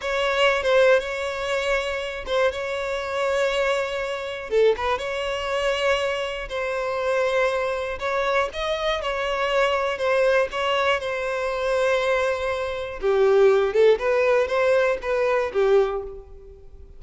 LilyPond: \new Staff \with { instrumentName = "violin" } { \time 4/4 \tempo 4 = 120 cis''4~ cis''16 c''8. cis''2~ | cis''8 c''8 cis''2.~ | cis''4 a'8 b'8 cis''2~ | cis''4 c''2. |
cis''4 dis''4 cis''2 | c''4 cis''4 c''2~ | c''2 g'4. a'8 | b'4 c''4 b'4 g'4 | }